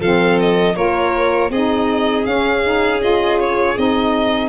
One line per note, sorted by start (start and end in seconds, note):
0.00 0.75 F3
0.00 0.74 C4
0.00 0.75 A4
0.00 0.39 F5
0.40 0.76 D#5
0.74 1.50 A#3
0.74 1.49 F4
0.74 1.51 A#4
0.74 1.51 C#5
1.50 2.25 C4
1.50 2.24 D#4
1.50 4.49 G#4
1.50 2.26 D#5
2.24 2.62 C#4
2.24 3.76 C#4
2.24 3.01 F5
2.63 3.00 D#4
3.00 3.75 F4
3.00 3.39 D#5
3.40 3.77 C#5
3.75 4.49 C4
3.75 4.49 D#4
3.75 4.49 D#5